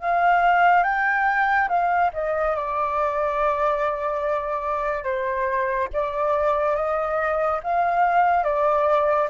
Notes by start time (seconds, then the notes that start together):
0.00 F5
0.84 G5
1.69 F5
2.14 D#5
2.56 D5
5.04 C5
5.93 D5
6.76 D#5
7.64 F5
8.44 D5